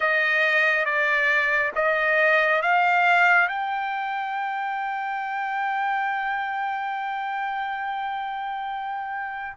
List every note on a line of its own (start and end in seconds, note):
0.00 0.85 D#5
0.85 1.72 D5
1.75 2.61 D#5
2.61 3.48 F5
3.48 9.57 G5